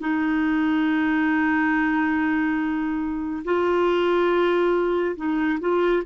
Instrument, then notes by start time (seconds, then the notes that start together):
clarinet
0.00 D#4
3.44 F4
5.16 D#4
5.60 F4